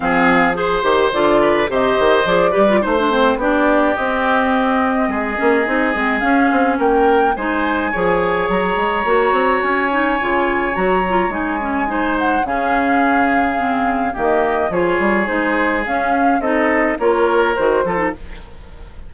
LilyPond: <<
  \new Staff \with { instrumentName = "flute" } { \time 4/4 \tempo 4 = 106 f''4 c''4 d''4 dis''4 | d''4 c''4 d''4 dis''4~ | dis''2. f''4 | g''4 gis''2 ais''4~ |
ais''4 gis''2 ais''4 | gis''4. fis''8 f''2~ | f''4 dis''4 cis''4 c''4 | f''4 dis''4 cis''4 c''4 | }
  \new Staff \with { instrumentName = "oboe" } { \time 4/4 gis'4 c''4. b'8 c''4~ | c''8 b'8 c''4 g'2~ | g'4 gis'2. | ais'4 c''4 cis''2~ |
cis''1~ | cis''4 c''4 gis'2~ | gis'4 g'4 gis'2~ | gis'4 a'4 ais'4. a'8 | }
  \new Staff \with { instrumentName = "clarinet" } { \time 4/4 c'4 gis'8 g'8 f'4 g'4 | gis'8 g'16 f'16 dis'16 d'16 c'8 d'4 c'4~ | c'4. cis'8 dis'8 c'8 cis'4~ | cis'4 dis'4 gis'2 |
fis'4. dis'8 f'4 fis'8 f'8 | dis'8 cis'8 dis'4 cis'2 | c'4 ais4 f'4 dis'4 | cis'4 dis'4 f'4 fis'8 f'16 dis'16 | }
  \new Staff \with { instrumentName = "bassoon" } { \time 4/4 f4. dis8 d4 c8 dis8 | f8 g8 a4 b4 c'4~ | c'4 gis8 ais8 c'8 gis8 cis'8 c'8 | ais4 gis4 f4 fis8 gis8 |
ais8 c'8 cis'4 cis4 fis4 | gis2 cis2~ | cis4 dis4 f8 g8 gis4 | cis'4 c'4 ais4 dis8 f8 | }
>>